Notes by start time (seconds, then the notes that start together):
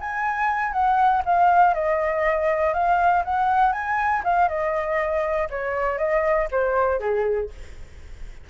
0.00 G#5
0.72 F#5
1.25 F5
1.74 D#5
2.73 F5
3.24 F#5
3.72 G#5
4.23 F5
4.48 D#5
5.50 C#5
5.98 D#5
6.51 C5
6.99 G#4